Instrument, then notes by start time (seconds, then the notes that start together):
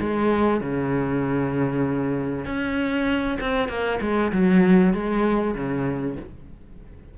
cello
0.00 G#3
0.61 C#3
2.45 C#4
3.40 C4
3.69 A#3
4.01 G#3
4.32 F#3
4.94 G#3
5.55 C#3